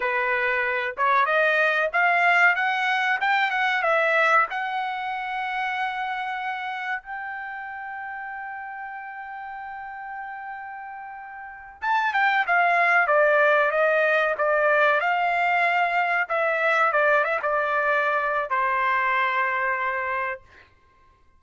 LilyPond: \new Staff \with { instrumentName = "trumpet" } { \time 4/4 \tempo 4 = 94 b'4. cis''8 dis''4 f''4 | fis''4 g''8 fis''8 e''4 fis''4~ | fis''2. g''4~ | g''1~ |
g''2~ g''8 a''8 g''8 f''8~ | f''8 d''4 dis''4 d''4 f''8~ | f''4. e''4 d''8 e''16 d''8.~ | d''4 c''2. | }